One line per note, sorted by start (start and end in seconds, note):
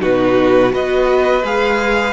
0.00 0.75 B2
0.00 0.70 D#4
0.00 0.73 F#4
0.00 0.74 B4
0.70 1.44 B3
0.70 1.41 F#4
0.70 2.13 B4
0.70 1.46 D#5
1.44 2.13 G#3
1.44 2.13 G#4
1.44 2.13 F5